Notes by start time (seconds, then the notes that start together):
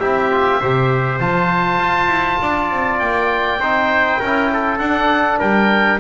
0.00 C4 E4 G4 E5
0.32 F4
0.61 C3 G4 C5
1.20 F3 F4 A5
1.79 F4
2.08 E4
2.42 D4 D5
2.71 C4
3.00 A#3 G5
3.59 C4 D#4 C5
4.20 C#4 E4 A#4
4.54 A4
4.79 D4 F#5
5.39 G3 A#4 G5